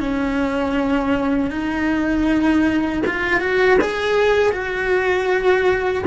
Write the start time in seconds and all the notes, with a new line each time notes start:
0.00 C#4
1.51 D#4
3.07 F4
3.40 F#4
3.81 G#4
4.52 F#4